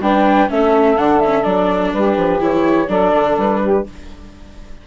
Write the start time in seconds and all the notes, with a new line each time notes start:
0.00 G3 D4 B4 G5
0.48 A3 C#4 A4 E5
0.97 D3 D4 F#5
1.20 C#4 E5
1.43 F#3 D4 D5
1.93 G3 G4 B4
2.17 F3
2.40 E3 E4 C#5
2.88 F#3 D4 A4 D5
3.15 D3
3.38 G3 B4
3.63 G4